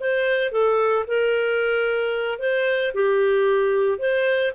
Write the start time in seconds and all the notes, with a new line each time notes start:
0.00 C5
0.52 A4
1.07 A#4
2.39 C5
2.94 G4
3.99 C5